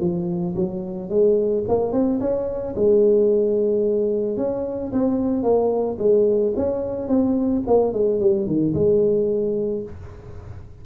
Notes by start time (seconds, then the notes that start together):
0.00 F3
0.55 F#3
1.10 G#3
1.68 A#3
1.92 C4
2.20 C#4
2.75 G#3
4.37 C#4
4.92 C4
5.43 A#3
5.99 G#3
6.56 C#4
7.08 C4
7.67 A#3
7.93 G#3
8.20 G3
8.46 D#3
8.74 G#3